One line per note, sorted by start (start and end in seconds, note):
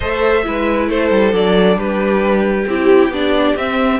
0.00 0.46 A3
0.00 0.43 A4
0.00 0.44 C5
0.00 0.88 E5
0.43 0.89 G#3
0.43 1.31 E4
0.43 0.89 B4
0.89 1.10 A3
0.89 1.78 A4
0.89 1.34 C5
1.10 1.32 G3
1.31 1.76 F#3
1.31 2.64 D4
1.31 1.78 D5
1.76 2.65 G3
1.76 4.00 G4
1.76 2.67 B4
2.66 3.09 C4
2.66 3.12 E4
2.66 3.13 G4
3.09 3.53 B3
3.09 3.56 D4
3.09 3.57 D5
3.55 3.99 C4
3.55 4.00 C4
3.55 4.00 E5